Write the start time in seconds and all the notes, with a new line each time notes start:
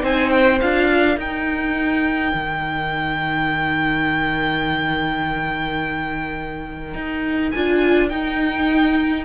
0.00 C4 D#4 C5 G#5
0.30 G5
0.61 D4 F4 F5
0.89 A#4
1.17 D#4 G5
2.34 D#3
6.94 D#4
7.51 D4 F4 G#5
8.09 D#4 G5